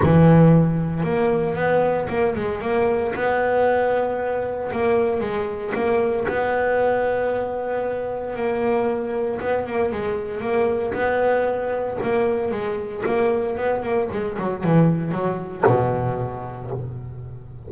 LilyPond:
\new Staff \with { instrumentName = "double bass" } { \time 4/4 \tempo 4 = 115 e2 ais4 b4 | ais8 gis8 ais4 b2~ | b4 ais4 gis4 ais4 | b1 |
ais2 b8 ais8 gis4 | ais4 b2 ais4 | gis4 ais4 b8 ais8 gis8 fis8 | e4 fis4 b,2 | }